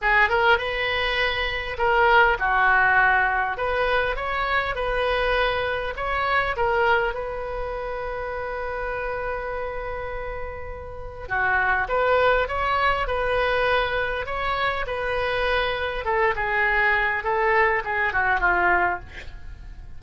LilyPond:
\new Staff \with { instrumentName = "oboe" } { \time 4/4 \tempo 4 = 101 gis'8 ais'8 b'2 ais'4 | fis'2 b'4 cis''4 | b'2 cis''4 ais'4 | b'1~ |
b'2. fis'4 | b'4 cis''4 b'2 | cis''4 b'2 a'8 gis'8~ | gis'4 a'4 gis'8 fis'8 f'4 | }